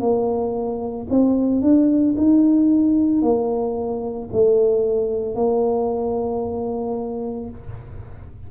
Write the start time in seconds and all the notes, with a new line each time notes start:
0.00 A#3
1.10 C4
1.62 D4
2.17 D#4
3.22 A#3
4.32 A3
5.35 A#3